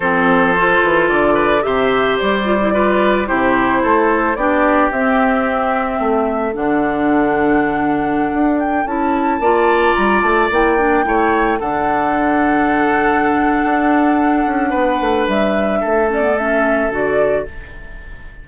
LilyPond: <<
  \new Staff \with { instrumentName = "flute" } { \time 4/4 \tempo 4 = 110 c''2 d''4 e''4 | d''2 c''2 | d''4 e''2. | fis''2.~ fis''8. g''16~ |
g''16 a''2 ais''8 a''8 g''8.~ | g''4~ g''16 fis''2~ fis''8.~ | fis''1 | e''4. d''8 e''4 d''4 | }
  \new Staff \with { instrumentName = "oboe" } { \time 4/4 a'2~ a'8 b'8 c''4~ | c''4 b'4 g'4 a'4 | g'2. a'4~ | a'1~ |
a'4~ a'16 d''2~ d''8.~ | d''16 cis''4 a'2~ a'8.~ | a'2. b'4~ | b'4 a'2. | }
  \new Staff \with { instrumentName = "clarinet" } { \time 4/4 c'4 f'2 g'4~ | g'8 f'16 e'16 f'4 e'2 | d'4 c'2. | d'1~ |
d'16 e'4 f'2 e'8 d'16~ | d'16 e'4 d'2~ d'8.~ | d'1~ | d'4. cis'16 b16 cis'4 fis'4 | }
  \new Staff \with { instrumentName = "bassoon" } { \time 4/4 f4. e8 d4 c4 | g2 c4 a4 | b4 c'2 a4 | d2.~ d16 d'8.~ |
d'16 cis'4 ais4 g8 a8 ais8.~ | ais16 a4 d2~ d8.~ | d4 d'4. cis'8 b8 a8 | g4 a2 d4 | }
>>